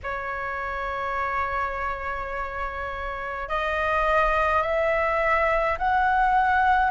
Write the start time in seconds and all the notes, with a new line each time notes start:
0.03 C#5
3.48 D#5
4.62 E5
5.78 F#5